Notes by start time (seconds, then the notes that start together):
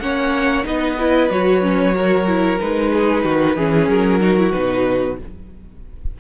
0.00 A#3 C#4 C#5 F#5
0.64 B3 D#4 B4 D#5
0.99 E4
1.30 F#3 F#4 C#5
1.62 C#4
1.95 F#4 A#4
2.27 E4
2.60 G#3 D#4 B4
2.93 G#4
3.24 D#3 F#4
3.56 E3 C#4 G#4
3.89 F#3 A#4
4.21 D#4 F#4
4.38 E4
4.52 B2 D#4 B4